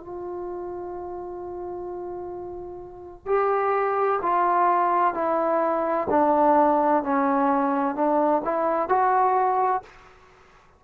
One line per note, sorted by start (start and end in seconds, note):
0.00 3.26 F4
3.26 4.20 G4
4.22 5.14 F4
5.14 6.08 E4
6.10 7.04 D4
7.04 7.96 C#4
7.96 8.42 D4
8.45 8.89 E4
8.89 9.83 F#4